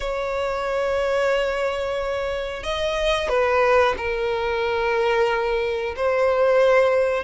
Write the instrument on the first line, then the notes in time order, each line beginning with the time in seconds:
violin
0.00 C#5
2.63 D#5
3.28 B4
3.97 A#4
5.96 C5